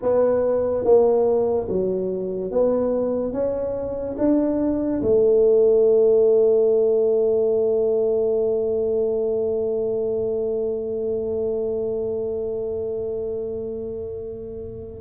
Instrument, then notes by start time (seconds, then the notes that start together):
tuba
0.02 B3
0.84 A#3
1.69 F#3
2.51 B3
3.33 C#4
4.18 D4
5.02 A3